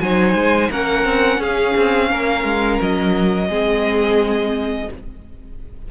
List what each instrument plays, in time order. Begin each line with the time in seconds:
0.00 cello F#3, viola D#4, violin C5 G#5
0.35 cello G#3
0.71 cello A#3, viola C#4, violin A#4 F#5
1.05 cello C4
1.39 cello C#4, violin G#4 F5
1.77 cello C4
2.10 cello A#3, violin A#4
2.45 cello G#3
2.82 cello F#3, violin D#5
3.49 cello G#3, viola C4, violin G#4